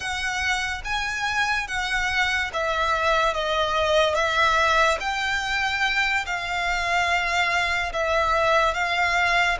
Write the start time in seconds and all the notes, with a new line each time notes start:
0.00 F#5
0.84 G#5
1.67 F#5
2.53 E5
3.33 D#5
4.14 E5
5.00 G5
6.25 F5
7.92 E5
8.74 F5